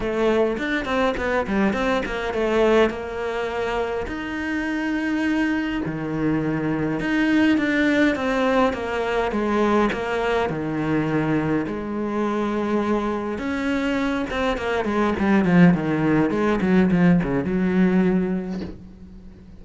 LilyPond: \new Staff \with { instrumentName = "cello" } { \time 4/4 \tempo 4 = 103 a4 d'8 c'8 b8 g8 c'8 ais8 | a4 ais2 dis'4~ | dis'2 dis2 | dis'4 d'4 c'4 ais4 |
gis4 ais4 dis2 | gis2. cis'4~ | cis'8 c'8 ais8 gis8 g8 f8 dis4 | gis8 fis8 f8 cis8 fis2 | }